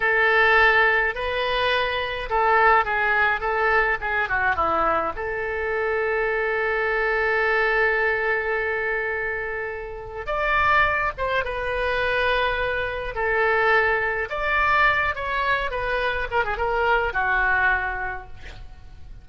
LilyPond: \new Staff \with { instrumentName = "oboe" } { \time 4/4 \tempo 4 = 105 a'2 b'2 | a'4 gis'4 a'4 gis'8 fis'8 | e'4 a'2.~ | a'1~ |
a'2 d''4. c''8 | b'2. a'4~ | a'4 d''4. cis''4 b'8~ | b'8 ais'16 gis'16 ais'4 fis'2 | }